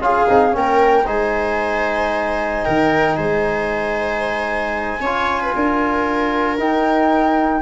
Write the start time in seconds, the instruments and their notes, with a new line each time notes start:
0.00 tuba C#4, trombone F4, viola G#4, flute F5
0.29 tuba C4, trombone D#4
0.52 tuba A#3, trombone C#4, viola A#4, flute G5
1.06 tuba G#3, trombone D#4, viola C5, flute G#5
2.64 tuba D#3, viola A#4, flute G5
3.16 tuba G#3, viola C5, flute G#5
5.01 tuba C#4, trombone F4, viola C#5
5.42 viola B4
5.56 tuba D4, viola A#4
6.59 trombone D#4, tuba D#4, flute G5